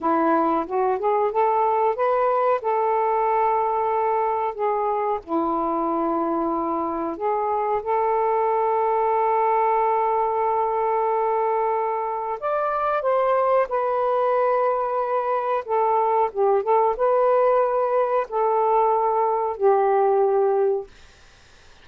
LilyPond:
\new Staff \with { instrumentName = "saxophone" } { \time 4/4 \tempo 4 = 92 e'4 fis'8 gis'8 a'4 b'4 | a'2. gis'4 | e'2. gis'4 | a'1~ |
a'2. d''4 | c''4 b'2. | a'4 g'8 a'8 b'2 | a'2 g'2 | }